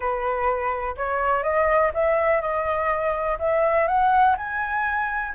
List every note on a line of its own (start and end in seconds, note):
0.00 0.95 B4
0.96 1.43 C#5
1.43 1.91 D#5
1.94 2.41 E5
2.41 3.38 D#5
3.39 3.87 E5
3.87 4.35 F#5
4.37 5.34 G#5